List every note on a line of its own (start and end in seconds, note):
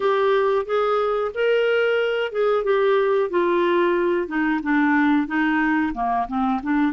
0.00 0.65 G4
0.65 1.31 G#4
1.34 2.32 A#4
2.32 2.64 G#4
2.64 3.30 G4
3.30 4.27 F4
4.27 4.60 D#4
4.62 5.27 D4
5.27 5.93 D#4
5.94 6.27 A#3
6.28 6.61 C4
6.63 6.92 D4